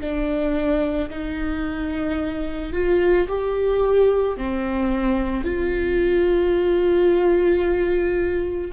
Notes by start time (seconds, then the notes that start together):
0.00 D4
1.10 D#4
2.72 F4
3.27 G4
4.37 C4
5.44 F4